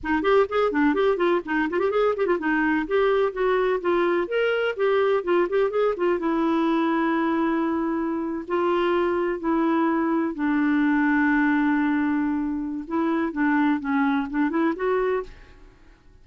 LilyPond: \new Staff \with { instrumentName = "clarinet" } { \time 4/4 \tempo 4 = 126 dis'8 g'8 gis'8 d'8 g'8 f'8 dis'8 f'16 g'16 | gis'8 g'16 f'16 dis'4 g'4 fis'4 | f'4 ais'4 g'4 f'8 g'8 | gis'8 f'8 e'2.~ |
e'4.~ e'16 f'2 e'16~ | e'4.~ e'16 d'2~ d'16~ | d'2. e'4 | d'4 cis'4 d'8 e'8 fis'4 | }